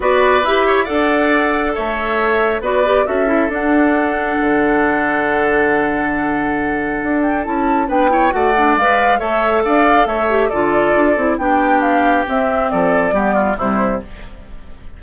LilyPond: <<
  \new Staff \with { instrumentName = "flute" } { \time 4/4 \tempo 4 = 137 d''4 e''4 fis''2 | e''2 d''4 e''4 | fis''1~ | fis''1~ |
fis''8 g''8 a''4 g''4 fis''4 | f''4 e''4 f''4 e''4 | d''2 g''4 f''4 | e''4 d''2 c''4 | }
  \new Staff \with { instrumentName = "oboe" } { \time 4/4 b'4. cis''8 d''2 | cis''2 b'4 a'4~ | a'1~ | a'1~ |
a'2 b'8 cis''8 d''4~ | d''4 cis''4 d''4 cis''4 | a'2 g'2~ | g'4 a'4 g'8 f'8 e'4 | }
  \new Staff \with { instrumentName = "clarinet" } { \time 4/4 fis'4 g'4 a'2~ | a'2 fis'8 g'8 fis'8 e'8 | d'1~ | d'1~ |
d'4 e'4 d'8 e'8 fis'8 d'8 | b'4 a'2~ a'8 g'8 | f'4. e'8 d'2 | c'2 b4 g4 | }
  \new Staff \with { instrumentName = "bassoon" } { \time 4/4 b4 e'4 d'2 | a2 b4 cis'4 | d'2 d2~ | d1 |
d'4 cis'4 b4 a4 | gis4 a4 d'4 a4 | d4 d'8 c'8 b2 | c'4 f4 g4 c4 | }
>>